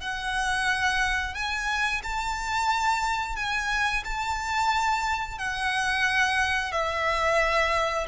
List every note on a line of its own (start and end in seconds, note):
0.00 1.34 F#5
1.34 2.02 G#5
2.03 3.36 A5
3.36 4.03 G#5
4.04 5.38 A5
5.38 6.72 F#5
6.72 8.07 E5